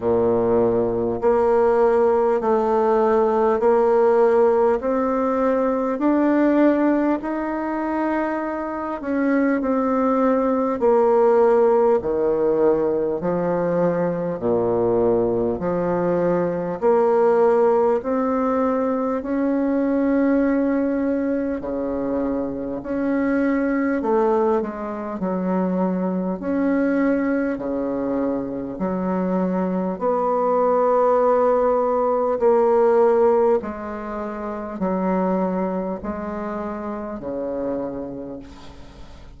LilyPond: \new Staff \with { instrumentName = "bassoon" } { \time 4/4 \tempo 4 = 50 ais,4 ais4 a4 ais4 | c'4 d'4 dis'4. cis'8 | c'4 ais4 dis4 f4 | ais,4 f4 ais4 c'4 |
cis'2 cis4 cis'4 | a8 gis8 fis4 cis'4 cis4 | fis4 b2 ais4 | gis4 fis4 gis4 cis4 | }